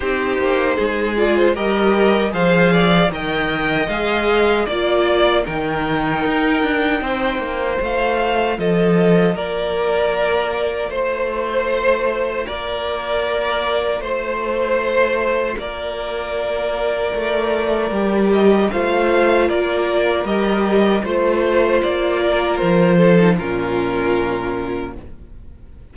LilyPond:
<<
  \new Staff \with { instrumentName = "violin" } { \time 4/4 \tempo 4 = 77 c''4. d''16 c''16 dis''4 f''4 | g''4 f''4 d''4 g''4~ | g''2 f''4 dis''4 | d''2 c''2 |
d''2 c''2 | d''2.~ d''8 dis''8 | f''4 d''4 dis''4 c''4 | d''4 c''4 ais'2 | }
  \new Staff \with { instrumentName = "violin" } { \time 4/4 g'4 gis'4 ais'4 c''8 d''8 | dis''2 d''4 ais'4~ | ais'4 c''2 a'4 | ais'2 c''2 |
ais'2 c''2 | ais'1 | c''4 ais'2 c''4~ | c''8 ais'4 a'8 f'2 | }
  \new Staff \with { instrumentName = "viola" } { \time 4/4 dis'4. f'8 g'4 gis'4 | ais'4 gis'4 f'4 dis'4~ | dis'2 f'2~ | f'1~ |
f'1~ | f'2. g'4 | f'2 g'4 f'4~ | f'4.~ f'16 dis'16 cis'2 | }
  \new Staff \with { instrumentName = "cello" } { \time 4/4 c'8 ais8 gis4 g4 f4 | dis4 gis4 ais4 dis4 | dis'8 d'8 c'8 ais8 a4 f4 | ais2 a2 |
ais2 a2 | ais2 a4 g4 | a4 ais4 g4 a4 | ais4 f4 ais,2 | }
>>